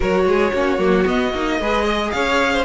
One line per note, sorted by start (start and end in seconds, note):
0.00 0.25 F#3
0.00 0.53 F#4
0.00 0.25 A#4
0.00 1.07 C#5
0.25 0.52 G#3
0.25 0.53 G#4
0.53 0.78 A#3
0.53 0.78 C#4
0.53 1.59 F#4
0.78 1.05 F#3
0.78 1.04 A#3
1.04 1.30 B3
1.04 1.33 B3
1.04 2.11 D#5
1.33 1.60 A#3
1.33 1.60 D#4
1.60 2.13 G#3
1.60 2.64 G#4
1.60 1.85 B4
1.85 2.11 D#5
2.11 2.64 C#4
2.11 2.53 C#5
2.11 2.64 F5
2.53 2.64 C5